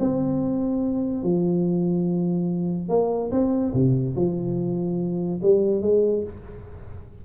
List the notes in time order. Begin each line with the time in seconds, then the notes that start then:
0.00 C4
1.23 F3
2.89 A#3
3.31 C4
3.74 C3
4.16 F3
5.43 G3
5.82 G#3